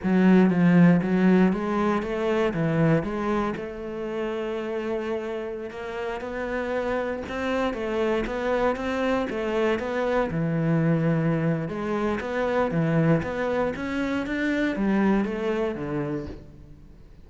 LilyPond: \new Staff \with { instrumentName = "cello" } { \time 4/4 \tempo 4 = 118 fis4 f4 fis4 gis4 | a4 e4 gis4 a4~ | a2.~ a16 ais8.~ | ais16 b2 c'4 a8.~ |
a16 b4 c'4 a4 b8.~ | b16 e2~ e8. gis4 | b4 e4 b4 cis'4 | d'4 g4 a4 d4 | }